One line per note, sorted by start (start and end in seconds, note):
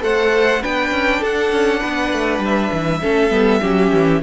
0.00 0.62 A3
0.00 0.60 A4
0.00 0.62 C5
0.00 0.64 F#5
0.61 0.91 B3
0.61 3.02 D4
0.61 1.21 B4
0.61 1.24 G5
0.91 1.21 C#4
1.21 1.52 D4
1.21 1.80 A4
1.21 2.44 F#5
1.52 1.81 C#4
1.80 2.13 B3
1.80 3.00 B4
2.13 2.39 A3
2.39 2.69 G3
2.39 4.22 E5
2.72 3.02 E3
3.02 3.30 A3
3.02 3.31 C#4
3.02 3.61 A4
3.30 3.60 G3
3.30 3.61 B3
3.61 3.92 F#3
3.61 4.22 C#4
3.61 4.21 G4
3.93 4.22 E3